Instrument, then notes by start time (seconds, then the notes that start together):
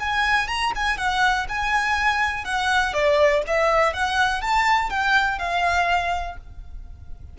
violin
0.00 G#5
0.48 A#5
0.76 G#5
0.98 F#5
1.49 G#5
2.45 F#5
2.94 D5
3.47 E5
3.94 F#5
4.42 A5
4.90 G5
5.39 F5